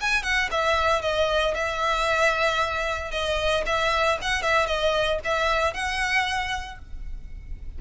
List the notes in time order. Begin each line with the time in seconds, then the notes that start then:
0.00 G#5
0.22 F#5
0.51 E5
1.01 D#5
1.54 E5
3.11 D#5
3.66 E5
4.21 F#5
4.42 E5
4.66 D#5
5.24 E5
5.73 F#5